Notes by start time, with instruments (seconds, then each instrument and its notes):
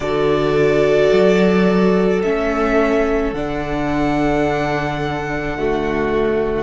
0.00 cello D3, viola F#4, violin A4 D5
1.12 cello F#3
2.22 cello A3, viola C#4, violin E5
3.32 cello D3, viola D4, violin F#5
5.57 viola A3, violin F#4